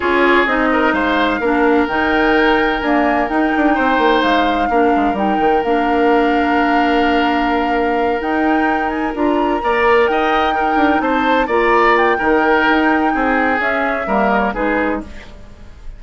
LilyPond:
<<
  \new Staff \with { instrumentName = "flute" } { \time 4/4 \tempo 4 = 128 cis''4 dis''4 f''2 | g''2 gis''4 g''4~ | g''4 f''2 g''4 | f''1~ |
f''4. g''4. gis''8 ais''8~ | ais''4. g''2 a''8~ | a''8 ais''4 g''2~ g''8~ | g''4 e''4. dis''16 cis''16 b'4 | }
  \new Staff \with { instrumentName = "oboe" } { \time 4/4 gis'4. ais'8 c''4 ais'4~ | ais'1 | c''2 ais'2~ | ais'1~ |
ais'1~ | ais'8 d''4 dis''4 ais'4 c''8~ | c''8 d''4. ais'2 | gis'2 ais'4 gis'4 | }
  \new Staff \with { instrumentName = "clarinet" } { \time 4/4 f'4 dis'2 d'4 | dis'2 ais4 dis'4~ | dis'2 d'4 dis'4 | d'1~ |
d'4. dis'2 f'8~ | f'8 ais'2 dis'4.~ | dis'8 f'4. dis'2~ | dis'4 cis'4 ais4 dis'4 | }
  \new Staff \with { instrumentName = "bassoon" } { \time 4/4 cis'4 c'4 gis4 ais4 | dis2 d'4 dis'8 d'8 | c'8 ais8 gis4 ais8 gis8 g8 dis8 | ais1~ |
ais4. dis'2 d'8~ | d'8 ais4 dis'4. d'8 c'8~ | c'8 ais4. dis4 dis'4 | c'4 cis'4 g4 gis4 | }
>>